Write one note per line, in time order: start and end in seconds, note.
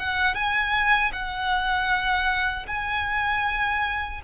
0.00 0.35 F#5
0.35 1.12 G#5
1.13 2.67 F#5
2.67 4.21 G#5